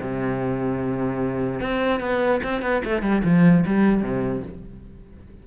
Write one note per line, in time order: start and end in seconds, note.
0.00 1.60 C3
1.60 2.00 C4
2.00 2.40 B3
2.43 2.61 C4
2.61 2.82 B3
2.84 3.01 A3
3.01 3.22 G3
3.24 3.64 F3
3.66 4.02 G3
4.02 4.42 C3